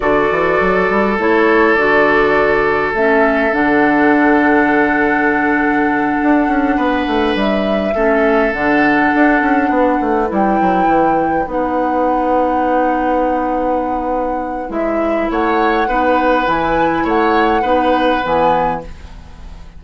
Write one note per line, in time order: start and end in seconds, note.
0.00 0.30 D3
0.00 1.17 F#4
0.00 6.76 A4
0.00 1.18 D5
0.30 0.60 E3
0.60 0.89 F#3
0.89 1.18 G3
1.18 1.75 A3
1.18 1.77 E4
1.18 1.74 C#5
1.74 2.93 D3
1.74 2.95 F#4
1.74 2.92 D5
2.93 3.52 A3
2.93 3.51 C#4
2.93 3.54 E5
3.51 6.17 D3
3.51 7.92 D4
3.51 7.36 F#5
6.22 6.47 D4
6.47 6.77 C#4
6.76 7.06 B3
6.76 7.94 B4
7.06 7.35 A3
7.35 7.94 G3
7.35 8.52 E5
7.94 8.52 A3
7.94 8.52 C#4
7.94 9.70 A4
8.52 9.11 D3
8.52 10.27 D4
8.52 10.29 F#5
9.14 9.40 D4
9.40 9.69 C#4
9.69 9.98 B3
9.69 15.29 B4
10.00 10.30 A3
10.27 10.60 G3
10.27 11.45 E4
10.34 11.47 G5
10.60 10.87 F#3
10.87 11.45 E3
11.46 14.69 B3
11.46 14.68 D#4
11.46 14.71 F#5
14.68 15.28 G#3
14.68 15.86 E4
14.68 15.30 E5
15.30 15.87 A3
15.30 15.88 C#5
15.30 16.48 F#5
15.87 16.46 B3
15.87 16.45 D#4
15.87 17.03 B4
16.45 17.05 E3
16.45 17.62 E4
16.45 17.06 G#5
17.03 17.62 A3
17.03 17.61 C#5
17.03 18.24 F#5
17.61 18.21 B3
17.61 18.21 D#4
17.61 18.79 B4
18.22 18.84 E3
18.22 18.81 B3
18.22 18.83 G#5